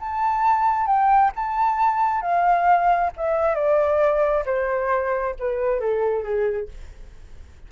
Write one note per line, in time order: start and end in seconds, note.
0.00 0.87 A5
0.87 1.32 G5
1.36 2.21 A5
2.21 3.11 F5
3.17 3.55 E5
3.55 4.45 D5
4.46 5.35 C5
5.40 5.80 B4
5.80 6.24 A4
6.24 6.69 G#4